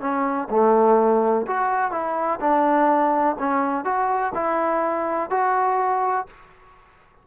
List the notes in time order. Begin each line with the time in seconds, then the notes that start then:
0.00 C#4
0.50 A3
1.47 F#4
1.91 E4
2.40 D4
3.39 C#4
3.84 F#4
4.34 E4
5.30 F#4